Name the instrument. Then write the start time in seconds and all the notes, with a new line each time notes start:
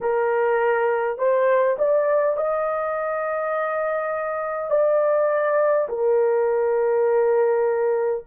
horn
0.01 A#4
1.18 C5
1.78 D5
2.36 D#5
4.70 D5
5.88 A#4